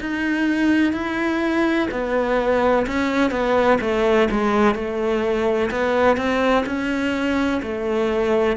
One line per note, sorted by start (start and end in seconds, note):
0.00 0.93 D#4
0.93 1.88 E4
1.91 2.86 B3
2.86 3.31 C#4
3.31 3.78 B3
3.81 4.28 A3
4.30 4.74 G#3
4.74 5.70 A3
5.71 6.16 B3
6.16 6.64 C4
6.66 7.61 C#4
7.62 8.56 A3